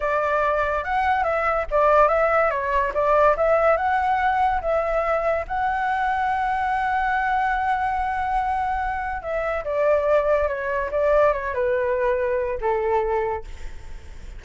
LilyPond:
\new Staff \with { instrumentName = "flute" } { \time 4/4 \tempo 4 = 143 d''2 fis''4 e''4 | d''4 e''4 cis''4 d''4 | e''4 fis''2 e''4~ | e''4 fis''2.~ |
fis''1~ | fis''2 e''4 d''4~ | d''4 cis''4 d''4 cis''8 b'8~ | b'2 a'2 | }